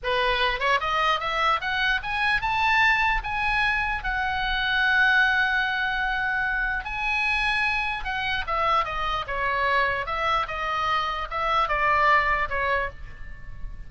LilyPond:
\new Staff \with { instrumentName = "oboe" } { \time 4/4 \tempo 4 = 149 b'4. cis''8 dis''4 e''4 | fis''4 gis''4 a''2 | gis''2 fis''2~ | fis''1~ |
fis''4 gis''2. | fis''4 e''4 dis''4 cis''4~ | cis''4 e''4 dis''2 | e''4 d''2 cis''4 | }